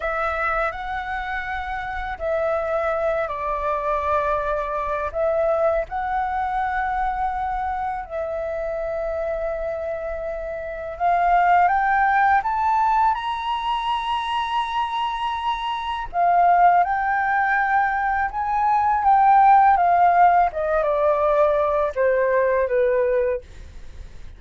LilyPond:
\new Staff \with { instrumentName = "flute" } { \time 4/4 \tempo 4 = 82 e''4 fis''2 e''4~ | e''8 d''2~ d''8 e''4 | fis''2. e''4~ | e''2. f''4 |
g''4 a''4 ais''2~ | ais''2 f''4 g''4~ | g''4 gis''4 g''4 f''4 | dis''8 d''4. c''4 b'4 | }